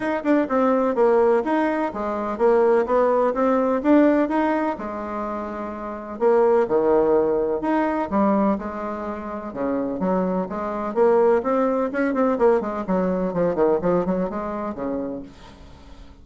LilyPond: \new Staff \with { instrumentName = "bassoon" } { \time 4/4 \tempo 4 = 126 dis'8 d'8 c'4 ais4 dis'4 | gis4 ais4 b4 c'4 | d'4 dis'4 gis2~ | gis4 ais4 dis2 |
dis'4 g4 gis2 | cis4 fis4 gis4 ais4 | c'4 cis'8 c'8 ais8 gis8 fis4 | f8 dis8 f8 fis8 gis4 cis4 | }